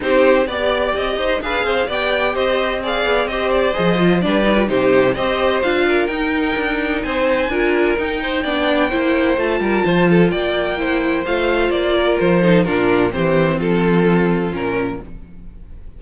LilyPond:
<<
  \new Staff \with { instrumentName = "violin" } { \time 4/4 \tempo 4 = 128 c''4 d''4 dis''4 f''4 | g''4 dis''4 f''4 dis''8 d''8 | dis''4 d''4 c''4 dis''4 | f''4 g''2 gis''4~ |
gis''4 g''2. | a''2 g''2 | f''4 d''4 c''4 ais'4 | c''4 a'2 ais'4 | }
  \new Staff \with { instrumentName = "violin" } { \time 4/4 g'4 d''4. c''8 b'8 c''8 | d''4 c''4 d''4 c''4~ | c''4 b'4 g'4 c''4~ | c''8 ais'2~ ais'8 c''4 |
ais'4. c''8 d''4 c''4~ | c''8 ais'8 c''8 a'8 d''4 c''4~ | c''4. ais'4 a'8 f'4 | g'4 f'2. | }
  \new Staff \with { instrumentName = "viola" } { \time 4/4 dis'4 g'2 gis'4 | g'2 gis'4 g'4 | gis'8 f'8 d'8 dis'16 f'16 dis'4 g'4 | f'4 dis'2. |
f'4 dis'4 d'4 e'4 | f'2. e'4 | f'2~ f'8 dis'8 d'4 | c'2. cis'4 | }
  \new Staff \with { instrumentName = "cello" } { \time 4/4 c'4 b4 c'8 dis'8 d'8 c'8 | b4 c'4. b8 c'4 | f4 g4 c4 c'4 | d'4 dis'4 d'4 c'4 |
d'4 dis'4 b4 ais4 | a8 g8 f4 ais2 | a4 ais4 f4 ais,4 | e4 f2 ais,4 | }
>>